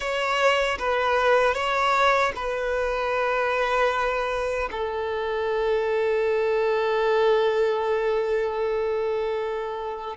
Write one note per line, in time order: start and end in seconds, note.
0.00 0.78 C#5
0.78 1.54 B4
1.54 2.32 C#5
2.35 4.69 B4
4.71 10.17 A4